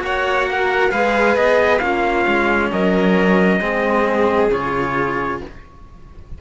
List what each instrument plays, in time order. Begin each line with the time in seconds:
0.00 cello A#3 F#4, violin C#5, trumpet F#5
0.51 violin A#4
0.91 cello G#3 G#4, violin B4, trumpet F5
1.36 cello B3, trumpet D#5
1.79 cello A#3 C#4, violin F4, trumpet F5
2.27 cello G#3
2.71 cello F#3, violin A#4, trumpet D#5
3.59 cello G#3 C4, violin G#4
4.51 cello C#3 F4, trumpet C#5